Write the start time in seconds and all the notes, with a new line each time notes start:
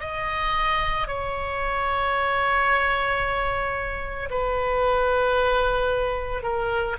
0.00 D#5
1.07 C#5
4.30 B4
6.42 A#4